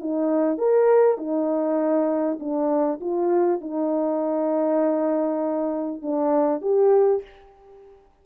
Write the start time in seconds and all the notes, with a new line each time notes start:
0.00 D#4
0.58 A#4
1.18 D#4
2.40 D4
3.01 F4
3.61 D#4
6.02 D4
6.62 G4